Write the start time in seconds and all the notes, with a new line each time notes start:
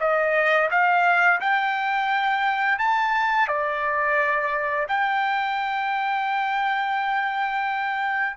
0.00 D#5
0.71 F5
1.41 G5
2.79 A5
3.48 D5
4.89 G5